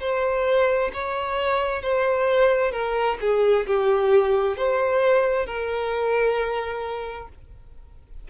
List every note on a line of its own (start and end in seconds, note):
0.00 0.91 C5
0.93 1.82 C#5
1.82 2.72 C5
2.72 3.17 A#4
3.21 3.66 G#4
3.67 4.57 G4
4.57 5.46 C5
5.46 7.28 A#4